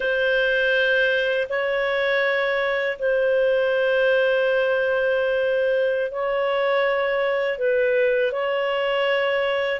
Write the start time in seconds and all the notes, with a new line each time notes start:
0.00 C5
1.49 C#5
2.98 C5
6.11 C#5
7.58 B4
8.32 C#5